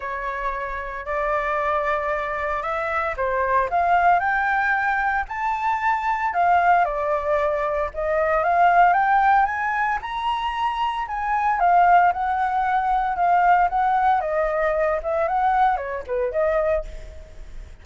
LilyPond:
\new Staff \with { instrumentName = "flute" } { \time 4/4 \tempo 4 = 114 cis''2 d''2~ | d''4 e''4 c''4 f''4 | g''2 a''2 | f''4 d''2 dis''4 |
f''4 g''4 gis''4 ais''4~ | ais''4 gis''4 f''4 fis''4~ | fis''4 f''4 fis''4 dis''4~ | dis''8 e''8 fis''4 cis''8 b'8 dis''4 | }